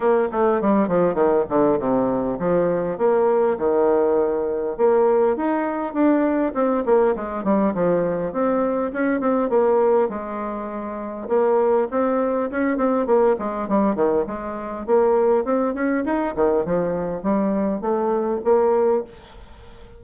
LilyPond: \new Staff \with { instrumentName = "bassoon" } { \time 4/4 \tempo 4 = 101 ais8 a8 g8 f8 dis8 d8 c4 | f4 ais4 dis2 | ais4 dis'4 d'4 c'8 ais8 | gis8 g8 f4 c'4 cis'8 c'8 |
ais4 gis2 ais4 | c'4 cis'8 c'8 ais8 gis8 g8 dis8 | gis4 ais4 c'8 cis'8 dis'8 dis8 | f4 g4 a4 ais4 | }